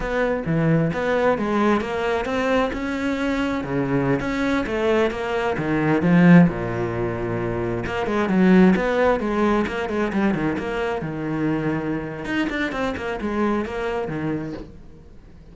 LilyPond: \new Staff \with { instrumentName = "cello" } { \time 4/4 \tempo 4 = 132 b4 e4 b4 gis4 | ais4 c'4 cis'2 | cis4~ cis16 cis'4 a4 ais8.~ | ais16 dis4 f4 ais,4.~ ais,16~ |
ais,4~ ais,16 ais8 gis8 fis4 b8.~ | b16 gis4 ais8 gis8 g8 dis8 ais8.~ | ais16 dis2~ dis8. dis'8 d'8 | c'8 ais8 gis4 ais4 dis4 | }